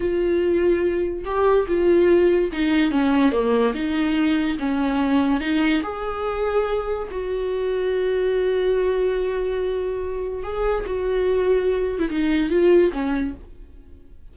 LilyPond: \new Staff \with { instrumentName = "viola" } { \time 4/4 \tempo 4 = 144 f'2. g'4 | f'2 dis'4 cis'4 | ais4 dis'2 cis'4~ | cis'4 dis'4 gis'2~ |
gis'4 fis'2.~ | fis'1~ | fis'4 gis'4 fis'2~ | fis'8. e'16 dis'4 f'4 cis'4 | }